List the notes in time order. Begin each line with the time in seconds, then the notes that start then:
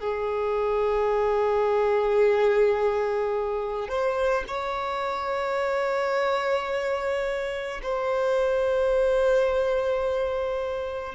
0.00 G#4
3.89 C5
4.48 C#5
7.83 C5